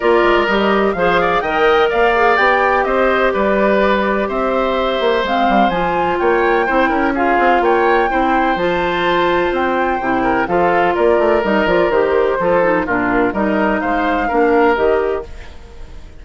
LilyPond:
<<
  \new Staff \with { instrumentName = "flute" } { \time 4/4 \tempo 4 = 126 d''4 dis''4 f''4 g''4 | f''4 g''4 dis''4 d''4~ | d''4 e''2 f''4 | gis''4 g''2 f''4 |
g''2 a''2 | g''2 f''4 d''4 | dis''8 d''8 c''2 ais'4 | dis''4 f''2 dis''4 | }
  \new Staff \with { instrumentName = "oboe" } { \time 4/4 ais'2 c''8 d''8 dis''4 | d''2 c''4 b'4~ | b'4 c''2.~ | c''4 cis''4 c''8 ais'8 gis'4 |
cis''4 c''2.~ | c''4. ais'8 a'4 ais'4~ | ais'2 a'4 f'4 | ais'4 c''4 ais'2 | }
  \new Staff \with { instrumentName = "clarinet" } { \time 4/4 f'4 g'4 gis'4 ais'4~ | ais'8 gis'8 g'2.~ | g'2. c'4 | f'2 e'4 f'4~ |
f'4 e'4 f'2~ | f'4 e'4 f'2 | dis'8 f'8 g'4 f'8 dis'8 d'4 | dis'2 d'4 g'4 | }
  \new Staff \with { instrumentName = "bassoon" } { \time 4/4 ais8 gis8 g4 f4 dis4 | ais4 b4 c'4 g4~ | g4 c'4. ais8 gis8 g8 | f4 ais4 c'8 cis'4 c'8 |
ais4 c'4 f2 | c'4 c4 f4 ais8 a8 | g8 f8 dis4 f4 ais,4 | g4 gis4 ais4 dis4 | }
>>